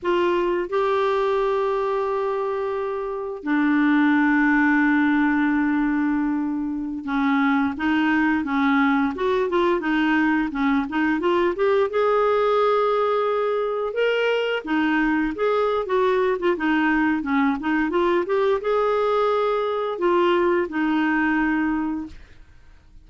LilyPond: \new Staff \with { instrumentName = "clarinet" } { \time 4/4 \tempo 4 = 87 f'4 g'2.~ | g'4 d'2.~ | d'2~ d'16 cis'4 dis'8.~ | dis'16 cis'4 fis'8 f'8 dis'4 cis'8 dis'16~ |
dis'16 f'8 g'8 gis'2~ gis'8.~ | gis'16 ais'4 dis'4 gis'8. fis'8. f'16 | dis'4 cis'8 dis'8 f'8 g'8 gis'4~ | gis'4 f'4 dis'2 | }